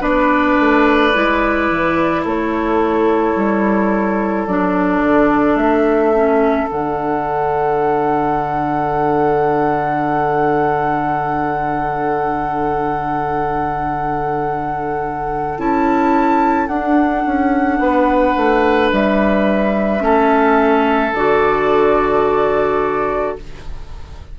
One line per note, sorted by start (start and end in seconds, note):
0.00 0.57 B3
0.00 1.11 D4
0.00 2.22 B4
0.00 2.24 D5
0.59 1.15 A3
1.14 1.70 G#3
1.14 4.47 E4
1.70 2.25 E3
2.24 3.35 A3
2.24 17.79 A4
2.24 4.47 C#5
3.35 4.46 G3
4.46 5.02 F#3
4.46 6.13 D4
4.46 5.56 D5
5.03 5.55 D3
5.55 6.66 A3
5.55 6.68 E5
6.13 6.67 C#4
6.67 15.58 D3
6.67 15.56 D4
6.67 15.59 F#5
15.57 16.68 C#4
15.57 16.68 E4
15.57 16.67 A5
16.67 17.24 D4
16.67 20.00 D4
16.67 18.89 F#5
17.25 17.78 C#4
17.78 18.34 B3
17.78 20.04 B4
18.37 18.92 A3
18.92 20.01 G3
18.92 21.14 E5
20.00 21.12 A3
20.00 21.11 C#4
20.00 23.37 A4
21.12 23.35 D3
21.12 23.38 F#4
21.12 23.36 D5